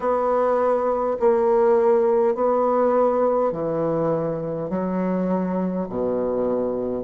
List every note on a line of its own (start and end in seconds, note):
0.00 1.17 B3
1.19 2.34 A#3
2.34 3.52 B3
3.52 4.69 E3
4.69 5.87 F#3
5.89 7.03 B2